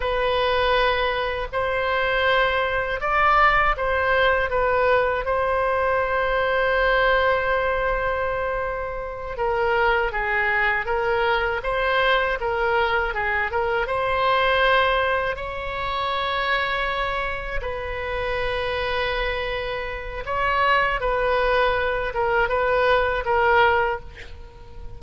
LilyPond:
\new Staff \with { instrumentName = "oboe" } { \time 4/4 \tempo 4 = 80 b'2 c''2 | d''4 c''4 b'4 c''4~ | c''1~ | c''8 ais'4 gis'4 ais'4 c''8~ |
c''8 ais'4 gis'8 ais'8 c''4.~ | c''8 cis''2. b'8~ | b'2. cis''4 | b'4. ais'8 b'4 ais'4 | }